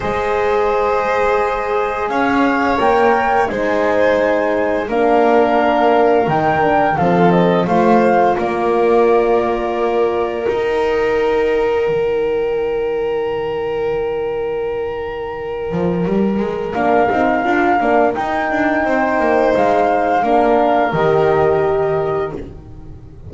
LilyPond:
<<
  \new Staff \with { instrumentName = "flute" } { \time 4/4 \tempo 4 = 86 dis''2. f''4 | g''4 gis''2 f''4~ | f''4 g''4 f''8 dis''8 f''4 | d''2. g''4~ |
g''1~ | g''1 | f''2 g''2 | f''2 dis''2 | }
  \new Staff \with { instrumentName = "violin" } { \time 4/4 c''2. cis''4~ | cis''4 c''2 ais'4~ | ais'2 a'4 c''4 | ais'1~ |
ais'1~ | ais'1~ | ais'2. c''4~ | c''4 ais'2. | }
  \new Staff \with { instrumentName = "horn" } { \time 4/4 gis'1 | ais'4 dis'2 d'4~ | d'4 dis'8 d'8 c'4 f'4~ | f'2. dis'4~ |
dis'1~ | dis'1 | d'8 dis'8 f'8 d'8 dis'2~ | dis'4 d'4 g'2 | }
  \new Staff \with { instrumentName = "double bass" } { \time 4/4 gis2. cis'4 | ais4 gis2 ais4~ | ais4 dis4 f4 a4 | ais2. dis'4~ |
dis'4 dis2.~ | dis2~ dis8 f8 g8 gis8 | ais8 c'8 d'8 ais8 dis'8 d'8 c'8 ais8 | gis4 ais4 dis2 | }
>>